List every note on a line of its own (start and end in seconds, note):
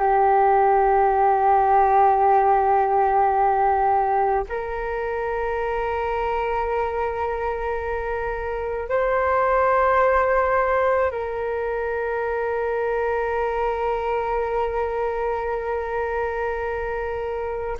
0.00 4.44 G4
4.49 8.89 A#4
8.89 11.11 C5
11.11 17.78 A#4